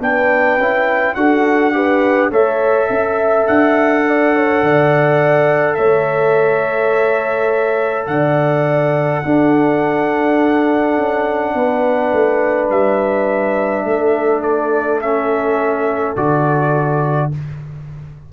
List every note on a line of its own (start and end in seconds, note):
0.00 0.58 B3
0.00 0.59 D4
0.00 1.16 B4
0.00 1.15 G5
0.58 1.15 C#4
0.58 1.16 E4
1.15 2.31 D4
1.15 1.73 F#4
1.15 1.75 A4
1.15 2.30 F#5
1.73 2.31 G4
1.73 2.31 B4
2.31 2.89 A3
2.31 9.24 A4
2.31 2.88 C#5
2.31 3.47 E5
2.89 3.47 C#4
2.89 4.05 E5
3.47 4.62 D4
3.47 5.74 F#5
4.07 4.35 D5
4.35 4.64 C#5
4.62 5.78 D3
4.62 5.77 D5
5.74 8.07 A3
5.74 8.08 C#5
5.74 8.05 E5
8.07 9.23 D3
8.07 9.25 D5
8.07 12.68 F#5
9.25 10.97 D4
9.25 15.02 D4
9.25 11.55 A4
10.97 11.54 C#4
11.54 12.12 B3
11.54 13.85 B4
12.13 12.70 A3
12.70 13.84 G3
12.70 14.42 E5
13.84 16.15 A3
13.84 17.32 A4
14.42 15.00 D5
15.01 16.16 C#4
15.01 16.16 E5
16.16 17.31 D3
16.16 17.31 F#4
16.16 17.31 D5